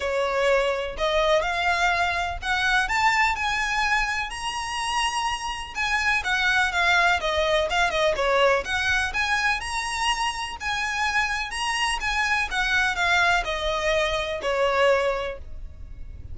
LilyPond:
\new Staff \with { instrumentName = "violin" } { \time 4/4 \tempo 4 = 125 cis''2 dis''4 f''4~ | f''4 fis''4 a''4 gis''4~ | gis''4 ais''2. | gis''4 fis''4 f''4 dis''4 |
f''8 dis''8 cis''4 fis''4 gis''4 | ais''2 gis''2 | ais''4 gis''4 fis''4 f''4 | dis''2 cis''2 | }